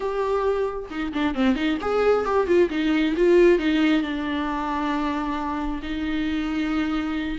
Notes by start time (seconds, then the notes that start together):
0.00 G4
0.90 D#4
1.13 D4
1.34 C4
1.55 D#4
1.81 G#4
2.25 G4
2.46 F4
2.69 D#4
3.16 F4
3.58 D#4
4.02 D4
5.82 D#4